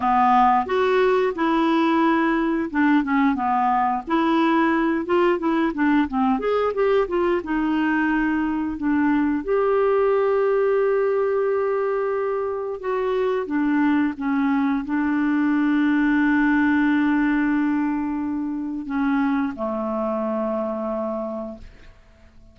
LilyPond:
\new Staff \with { instrumentName = "clarinet" } { \time 4/4 \tempo 4 = 89 b4 fis'4 e'2 | d'8 cis'8 b4 e'4. f'8 | e'8 d'8 c'8 gis'8 g'8 f'8 dis'4~ | dis'4 d'4 g'2~ |
g'2. fis'4 | d'4 cis'4 d'2~ | d'1 | cis'4 a2. | }